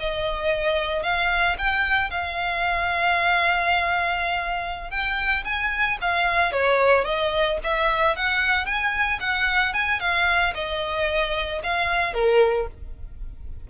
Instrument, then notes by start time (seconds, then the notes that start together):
violin
0.00 D#5
1.03 F5
1.59 G5
2.11 F5
4.91 G5
5.45 G#5
6.01 F5
6.52 C#5
7.05 D#5
7.64 E5
8.16 F#5
8.66 G#5
9.20 F#5
9.74 G#5
10.00 F5
10.55 D#5
11.63 F5
12.14 A#4